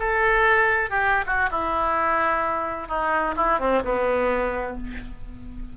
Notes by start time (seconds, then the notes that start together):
0.00 A4
0.90 G4
1.27 F#4
1.51 E4
2.88 D#4
3.37 E4
3.60 C4
3.85 B3